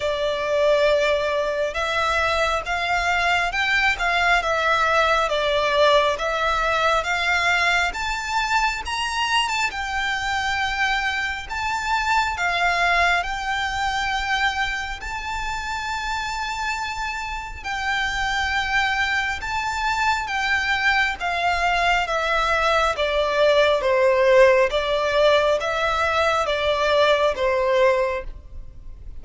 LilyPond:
\new Staff \with { instrumentName = "violin" } { \time 4/4 \tempo 4 = 68 d''2 e''4 f''4 | g''8 f''8 e''4 d''4 e''4 | f''4 a''4 ais''8. a''16 g''4~ | g''4 a''4 f''4 g''4~ |
g''4 a''2. | g''2 a''4 g''4 | f''4 e''4 d''4 c''4 | d''4 e''4 d''4 c''4 | }